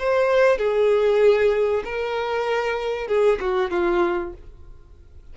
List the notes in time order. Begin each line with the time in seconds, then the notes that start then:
0.00 C5
0.59 G#4
1.85 A#4
3.08 G#4
3.41 F#4
3.71 F4